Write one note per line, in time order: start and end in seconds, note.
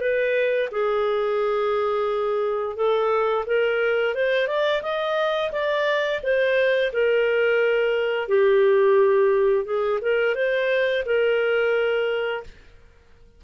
0.00 0.69 B4
0.71 2.76 G#4
2.76 3.45 A4
3.46 4.14 A#4
4.14 4.47 C5
4.47 4.82 D5
4.82 5.51 D#5
5.51 6.20 D5
6.23 6.92 C5
6.92 8.28 A#4
8.28 9.65 G4
9.65 9.99 G#4
10.01 10.34 A#4
10.34 11.03 C5
11.05 12.43 A#4